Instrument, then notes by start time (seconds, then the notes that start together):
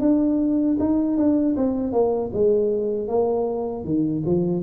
tuba
0.00 D4
0.79 D#4
1.17 D4
1.56 C4
1.92 A#3
2.33 G#3
3.08 A#3
3.84 D#3
4.26 F3